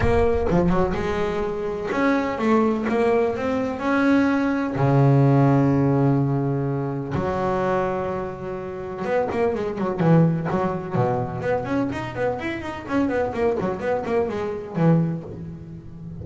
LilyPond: \new Staff \with { instrumentName = "double bass" } { \time 4/4 \tempo 4 = 126 ais4 f8 fis8 gis2 | cis'4 a4 ais4 c'4 | cis'2 cis2~ | cis2. fis4~ |
fis2. b8 ais8 | gis8 fis8 e4 fis4 b,4 | b8 cis'8 dis'8 b8 e'8 dis'8 cis'8 b8 | ais8 fis8 b8 ais8 gis4 e4 | }